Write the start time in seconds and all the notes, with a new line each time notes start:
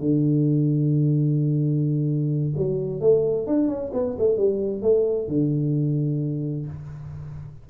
0.00 D3
2.57 F#3
3.01 A3
3.47 D4
3.68 C#4
3.94 B3
4.19 A3
4.38 G3
4.82 A3
5.28 D3